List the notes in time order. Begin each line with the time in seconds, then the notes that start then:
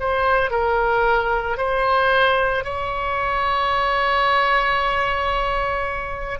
0.00 C5
0.51 A#4
1.57 C5
2.64 C#5